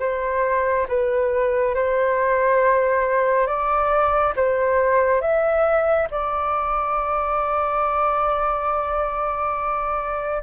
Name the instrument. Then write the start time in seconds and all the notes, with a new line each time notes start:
flute
0.00 C5
0.89 B4
1.75 C5
3.47 D5
4.36 C5
5.21 E5
6.11 D5